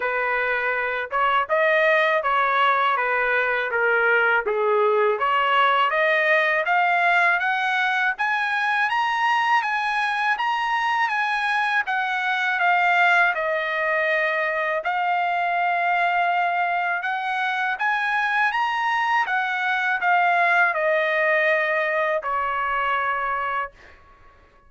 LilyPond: \new Staff \with { instrumentName = "trumpet" } { \time 4/4 \tempo 4 = 81 b'4. cis''8 dis''4 cis''4 | b'4 ais'4 gis'4 cis''4 | dis''4 f''4 fis''4 gis''4 | ais''4 gis''4 ais''4 gis''4 |
fis''4 f''4 dis''2 | f''2. fis''4 | gis''4 ais''4 fis''4 f''4 | dis''2 cis''2 | }